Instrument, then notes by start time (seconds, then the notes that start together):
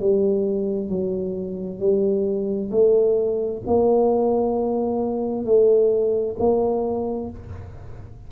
tuba
0.00 G3
0.89 F#3
1.79 G3
2.71 A3
3.67 A#3
5.45 A3
6.39 A#3